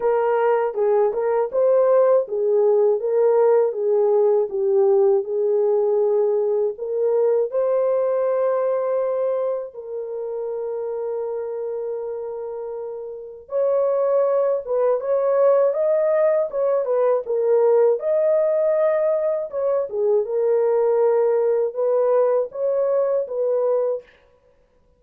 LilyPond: \new Staff \with { instrumentName = "horn" } { \time 4/4 \tempo 4 = 80 ais'4 gis'8 ais'8 c''4 gis'4 | ais'4 gis'4 g'4 gis'4~ | gis'4 ais'4 c''2~ | c''4 ais'2.~ |
ais'2 cis''4. b'8 | cis''4 dis''4 cis''8 b'8 ais'4 | dis''2 cis''8 gis'8 ais'4~ | ais'4 b'4 cis''4 b'4 | }